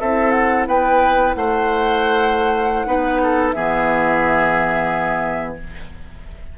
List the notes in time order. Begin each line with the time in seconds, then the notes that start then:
0.00 C4 E4 A4 E5
0.32 F#5
0.68 B3 B4 G5
1.34 A3 C5 F#5
2.87 B3 D#4 B4
3.23 A4
3.52 E3 B3 G#4 E5